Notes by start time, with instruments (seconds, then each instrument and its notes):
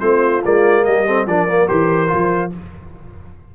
0.00 tuba A3, trombone C4, horn F4, trumpet C5
0.44 tuba G#3, trombone A#3, trumpet D5
0.84 tuba G3, horn G4, trumpet D#5
1.06 trombone C4, horn A4
1.26 tuba F3, trombone D4, horn A#4, trumpet D5
1.48 trombone A#3
1.68 tuba E3, trombone G4, trumpet C5
2.07 tuba F3, trombone F4